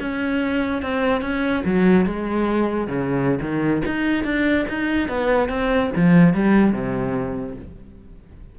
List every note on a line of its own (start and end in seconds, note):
0.00 0.82 C#4
0.82 1.21 C4
1.21 1.63 C#4
1.65 2.06 F#3
2.06 2.87 G#3
2.87 3.39 C#3
3.41 3.83 D#3
3.86 4.24 D#4
4.24 4.66 D4
4.69 5.09 D#4
5.09 5.49 B3
5.49 5.91 C4
5.95 6.34 F3
6.34 6.72 G3
6.72 7.55 C3